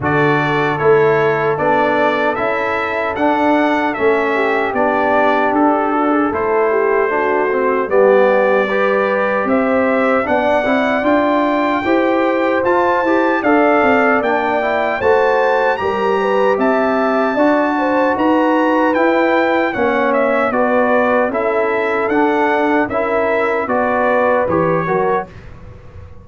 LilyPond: <<
  \new Staff \with { instrumentName = "trumpet" } { \time 4/4 \tempo 4 = 76 d''4 cis''4 d''4 e''4 | fis''4 e''4 d''4 a'4 | c''2 d''2 | e''4 fis''4 g''2 |
a''4 f''4 g''4 a''4 | ais''4 a''2 ais''4 | g''4 fis''8 e''8 d''4 e''4 | fis''4 e''4 d''4 cis''4 | }
  \new Staff \with { instrumentName = "horn" } { \time 4/4 a'1~ | a'4. g'2 fis'16 gis'16 | a'8 g'8 fis'4 g'4 b'4 | c''4 d''2 c''4~ |
c''4 d''2 c''4 | ais'8 b'8 e''4 d''8 c''8 b'4~ | b'4 cis''4 b'4 a'4~ | a'4 ais'4 b'4. ais'8 | }
  \new Staff \with { instrumentName = "trombone" } { \time 4/4 fis'4 e'4 d'4 e'4 | d'4 cis'4 d'2 | e'4 d'8 c'8 b4 g'4~ | g'4 d'8 e'8 f'4 g'4 |
f'8 g'8 a'4 d'8 e'8 fis'4 | g'2 fis'2 | e'4 cis'4 fis'4 e'4 | d'4 e'4 fis'4 g'8 fis'8 | }
  \new Staff \with { instrumentName = "tuba" } { \time 4/4 d4 a4 b4 cis'4 | d'4 a4 b4 d'4 | a2 g2 | c'4 b8 c'8 d'4 e'4 |
f'8 e'8 d'8 c'8 ais4 a4 | g4 c'4 d'4 dis'4 | e'4 ais4 b4 cis'4 | d'4 cis'4 b4 e8 fis8 | }
>>